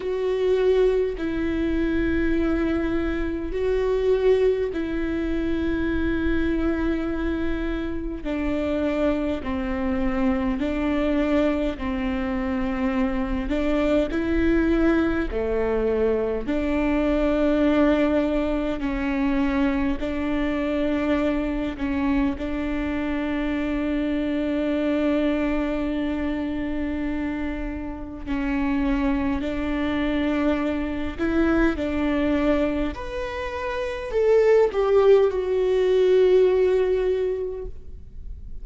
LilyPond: \new Staff \with { instrumentName = "viola" } { \time 4/4 \tempo 4 = 51 fis'4 e'2 fis'4 | e'2. d'4 | c'4 d'4 c'4. d'8 | e'4 a4 d'2 |
cis'4 d'4. cis'8 d'4~ | d'1 | cis'4 d'4. e'8 d'4 | b'4 a'8 g'8 fis'2 | }